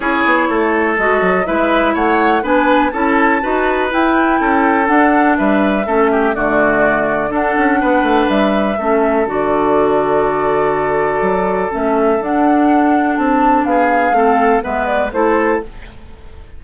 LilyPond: <<
  \new Staff \with { instrumentName = "flute" } { \time 4/4 \tempo 4 = 123 cis''2 dis''4 e''4 | fis''4 gis''4 a''2 | g''2 fis''4 e''4~ | e''4 d''2 fis''4~ |
fis''4 e''2 d''4~ | d''1 | e''4 fis''2 a''4 | f''2 e''8 d''8 c''4 | }
  \new Staff \with { instrumentName = "oboe" } { \time 4/4 gis'4 a'2 b'4 | cis''4 b'4 a'4 b'4~ | b'4 a'2 b'4 | a'8 g'8 fis'2 a'4 |
b'2 a'2~ | a'1~ | a'1 | gis'4 a'4 b'4 a'4 | }
  \new Staff \with { instrumentName = "clarinet" } { \time 4/4 e'2 fis'4 e'4~ | e'4 d'4 e'4 fis'4 | e'2 d'2 | cis'4 a2 d'4~ |
d'2 cis'4 fis'4~ | fis'1 | cis'4 d'2.~ | d'4 c'4 b4 e'4 | }
  \new Staff \with { instrumentName = "bassoon" } { \time 4/4 cis'8 b8 a4 gis8 fis8 gis4 | a4 b4 cis'4 dis'4 | e'4 cis'4 d'4 g4 | a4 d2 d'8 cis'8 |
b8 a8 g4 a4 d4~ | d2. fis4 | a4 d'2 c'4 | b4 a4 gis4 a4 | }
>>